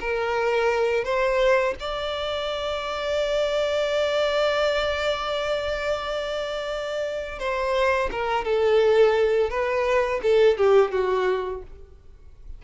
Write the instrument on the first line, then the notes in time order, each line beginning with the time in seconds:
violin
0.00 A#4
1.04 C5
1.79 D5
7.39 C5
8.11 A#4
8.44 A4
9.50 B4
10.23 A4
10.57 G4
10.91 F#4